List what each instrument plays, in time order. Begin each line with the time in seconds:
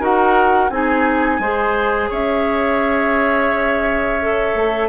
0.00 bassoon D#4, clarinet F#4, oboe A#4, flute F#5
0.70 bassoon C4, clarinet D#4, oboe G#4, flute G#5
1.40 bassoon G#3, clarinet G#4, oboe C5
2.10 bassoon C#4, oboe C#5, flute E5
4.22 clarinet A4
4.55 bassoon A3